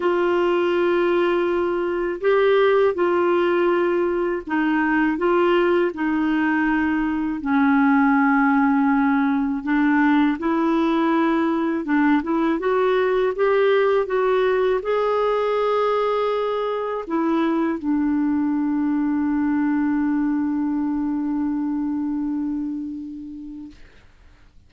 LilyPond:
\new Staff \with { instrumentName = "clarinet" } { \time 4/4 \tempo 4 = 81 f'2. g'4 | f'2 dis'4 f'4 | dis'2 cis'2~ | cis'4 d'4 e'2 |
d'8 e'8 fis'4 g'4 fis'4 | gis'2. e'4 | d'1~ | d'1 | }